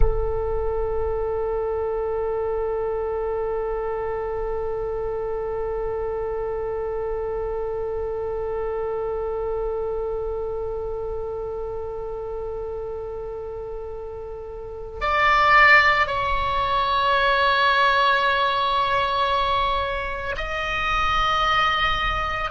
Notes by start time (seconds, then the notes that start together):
0.00 A4
15.00 D5
16.07 C#5
20.37 D#5